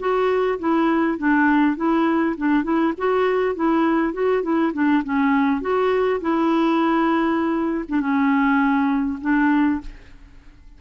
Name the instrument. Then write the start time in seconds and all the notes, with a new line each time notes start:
clarinet
0.00 F#4
0.60 E4
1.19 D4
1.77 E4
2.38 D4
2.64 E4
2.98 F#4
3.56 E4
4.14 F#4
4.43 E4
4.74 D4
5.05 C#4
5.62 F#4
6.22 E4
7.89 D4
8.01 C#4
9.22 D4